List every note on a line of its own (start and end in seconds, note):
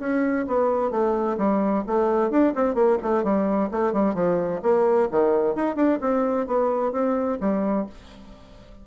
0.00 0.46 C#4
0.47 0.91 B3
0.91 1.37 A3
1.38 1.84 G3
1.87 2.31 A3
2.31 2.54 D4
2.56 2.75 C4
2.75 2.98 A#3
3.03 3.24 A3
3.24 3.70 G3
3.72 3.93 A3
3.93 4.15 G3
4.15 4.61 F3
4.63 5.09 A#3
5.11 5.56 D#3
5.56 5.76 D#4
5.76 5.99 D4
6.01 6.47 C4
6.47 6.92 B3
6.92 7.38 C4
7.41 7.87 G3